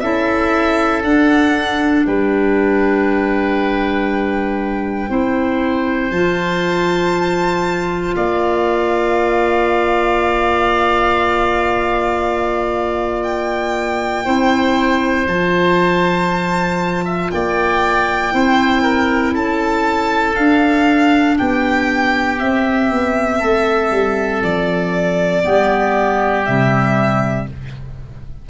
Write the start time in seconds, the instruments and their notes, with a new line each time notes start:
0.00 tuba C#4, clarinet E4, oboe A4, violin E5
1.02 tuba D4, clarinet D4, violin F#5
2.05 tuba G3, oboe B4, violin G5
5.09 tuba C4, clarinet E4, oboe C5
6.10 tuba F3, clarinet F4, violin A5
8.15 tuba A#3, oboe D5, violin F5
13.22 violin G5
14.24 tuba C4, clarinet E4, oboe C5
15.26 tuba F3, clarinet F4, violin A5
17.04 oboe E5
17.30 tuba A#3, oboe D5, violin G5
18.31 tuba C4, clarinet E4, oboe C5
18.82 oboe A#4
19.32 tuba C#4, oboe A4, violin A5
20.35 tuba D4, clarinet D4, violin F5
21.37 tuba B3, oboe G4, violin G5
22.38 clarinet C4, tuba C4, violin E5
22.90 tuba B3
23.39 tuba A3, oboe A4
23.90 tuba G3
24.42 tuba F3, violin D5
25.43 tuba G3, clarinet B3, oboe G4
26.44 tuba C3, clarinet G3, violin E5